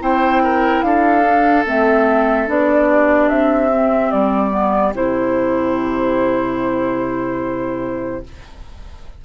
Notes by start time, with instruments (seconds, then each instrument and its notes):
0.00 bassoon C4, clarinet E4, oboe C5, flute G5
0.43 oboe A#4
0.82 bassoon D4, oboe A4, flute F5
1.22 clarinet D4
1.66 bassoon A3, clarinet C4, flute E5
2.47 bassoon B3, clarinet D4, flute D5
2.88 oboe G4
3.29 bassoon C4, flute E5
3.72 clarinet C4
4.11 bassoon G3, flute D5
4.50 clarinet B3
4.94 bassoon C3, clarinet E4, flute C5